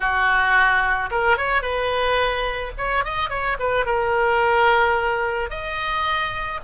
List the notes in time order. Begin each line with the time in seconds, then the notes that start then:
0.00 F#4
1.10 A#4
1.37 C#5
1.62 B4
2.77 C#5
3.04 D#5
3.29 C#5
3.59 B4
3.85 A#4
5.50 D#5